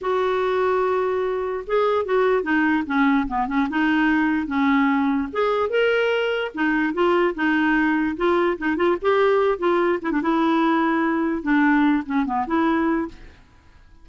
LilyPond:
\new Staff \with { instrumentName = "clarinet" } { \time 4/4 \tempo 4 = 147 fis'1 | gis'4 fis'4 dis'4 cis'4 | b8 cis'8 dis'2 cis'4~ | cis'4 gis'4 ais'2 |
dis'4 f'4 dis'2 | f'4 dis'8 f'8 g'4. f'8~ | f'8 e'16 d'16 e'2. | d'4. cis'8 b8 e'4. | }